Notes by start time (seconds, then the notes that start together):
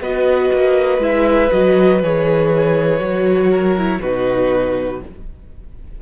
0.00 B3 F#4 B4 D#5
0.53 A#3
0.98 G#3 E4 E5
1.50 F#3 F#4 D#5
2.02 E3 G#4 C#5
2.99 F#3 F#4
3.50 A#4
3.77 E4
4.01 B2 D#4 F#4 B4